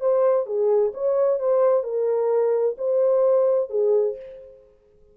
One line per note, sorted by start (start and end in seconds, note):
0.00 0.46 C5
0.46 0.92 G#4
0.94 1.39 C#5
1.39 1.83 C5
1.83 2.76 A#4
2.78 3.70 C5
3.70 4.16 G#4